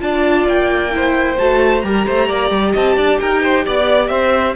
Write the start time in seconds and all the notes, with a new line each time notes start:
0.00 D4 F4 D5 A5
0.47 A#3 G5
0.91 E4 C5
1.38 A3 F#4 A5
1.82 G3 G4 A#4 A#5
2.06 A3 C5
2.28 A#3 D5
2.51 G3
2.73 C4 D#5 A5
2.97 D4 D5
3.20 D#4 A#4 G5
3.43 C5
3.66 B3 D5
4.08 C4 C5 E5